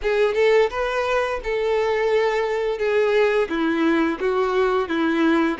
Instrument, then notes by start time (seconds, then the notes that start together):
violin
0.02 G#4
0.34 A4
0.70 B4
1.43 A4
2.78 G#4
3.49 E4
4.20 F#4
4.88 E4